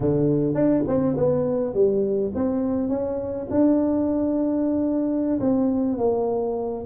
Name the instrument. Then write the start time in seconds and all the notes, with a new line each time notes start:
tuba
0.00 D3
0.54 D4
0.87 C4
1.16 B3
1.73 G3
2.34 C4
2.89 C#4
3.50 D4
5.40 C4
5.98 A#3